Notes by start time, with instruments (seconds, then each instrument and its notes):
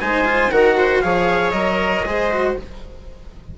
0.00 bassoon G#3, cello D#4, viola C5, trumpet G#5
0.25 cello F4
0.51 bassoon D#3, cello F#4, viola A#4, trumpet F#5
0.77 viola C5
1.02 bassoon F3, cello G#4, viola C#5, trumpet F5
1.51 bassoon F#3, cello A#4, trumpet D#5
2.04 bassoon G#3, cello G#4, viola C5
2.31 cello F#4